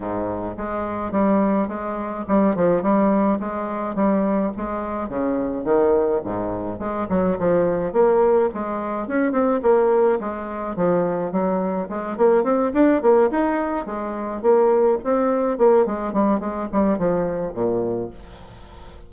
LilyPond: \new Staff \with { instrumentName = "bassoon" } { \time 4/4 \tempo 4 = 106 gis,4 gis4 g4 gis4 | g8 f8 g4 gis4 g4 | gis4 cis4 dis4 gis,4 | gis8 fis8 f4 ais4 gis4 |
cis'8 c'8 ais4 gis4 f4 | fis4 gis8 ais8 c'8 d'8 ais8 dis'8~ | dis'8 gis4 ais4 c'4 ais8 | gis8 g8 gis8 g8 f4 ais,4 | }